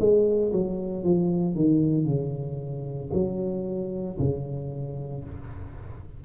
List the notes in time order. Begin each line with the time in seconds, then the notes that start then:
0.00 G#3
0.53 F#3
1.04 F3
1.56 D#3
2.05 C#3
3.13 F#3
4.19 C#3